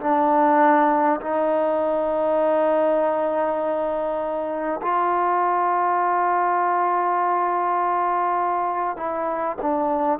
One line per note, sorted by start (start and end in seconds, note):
0.00 1.20 D4
1.21 4.81 D#4
4.82 8.97 F4
8.97 9.57 E4
9.62 10.19 D4